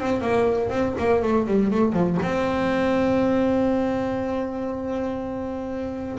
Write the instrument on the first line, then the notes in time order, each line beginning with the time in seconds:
double bass
0.00 C4
0.22 A#3
0.70 C4
0.99 A#3
1.23 A3
1.47 G3
1.72 A3
1.93 F3
2.23 C4